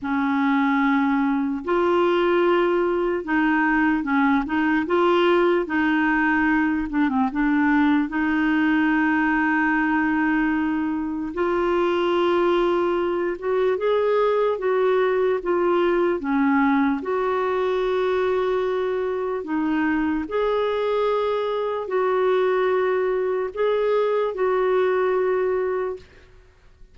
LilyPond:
\new Staff \with { instrumentName = "clarinet" } { \time 4/4 \tempo 4 = 74 cis'2 f'2 | dis'4 cis'8 dis'8 f'4 dis'4~ | dis'8 d'16 c'16 d'4 dis'2~ | dis'2 f'2~ |
f'8 fis'8 gis'4 fis'4 f'4 | cis'4 fis'2. | dis'4 gis'2 fis'4~ | fis'4 gis'4 fis'2 | }